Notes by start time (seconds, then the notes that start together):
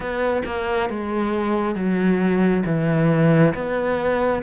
0.00 B3
0.45 A#3
0.89 G#3
1.75 F#3
2.65 E3
3.54 B3